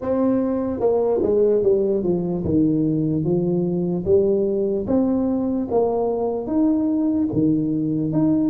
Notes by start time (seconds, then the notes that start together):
0.01 C4
0.80 A#3
1.22 G#3
1.63 G3
2.03 F3
2.44 D#3
3.24 F3
4.05 G3
4.86 C4
5.71 A#3
6.46 D#4
7.32 D#3
8.12 D#4